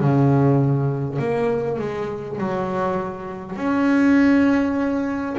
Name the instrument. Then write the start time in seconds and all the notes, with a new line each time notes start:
double bass
0.00 C#3
1.19 A#3
1.79 G#3
2.39 F#3
3.56 C#4